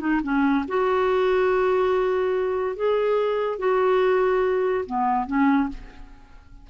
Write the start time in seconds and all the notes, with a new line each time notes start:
0.00 D#4
0.23 C#4
0.68 F#4
2.76 G#4
3.59 F#4
4.86 B3
5.27 C#4